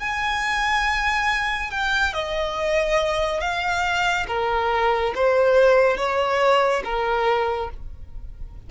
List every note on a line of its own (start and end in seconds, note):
0.00 1.71 G#5
1.71 2.14 G5
2.14 3.41 D#5
3.41 4.27 F5
4.28 5.14 A#4
5.15 5.97 C5
5.97 6.83 C#5
6.85 7.70 A#4